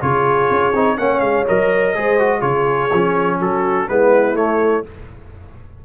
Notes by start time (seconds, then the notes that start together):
0.00 C#3 F4 G#4 C#5
0.50 C#4
0.73 C4 D#4
0.97 A#3 C#4 C#5 F#5
1.20 G#3 F5
1.47 F#3 A#4 D#5
1.95 G#3 G#4 C5
2.19 F#4
2.39 C#3 F4 G#4 C#5
2.93 F3 C#4
3.40 F#3 F#4 A4
3.88 G#3 B3 E4 B4
4.34 A3 C#5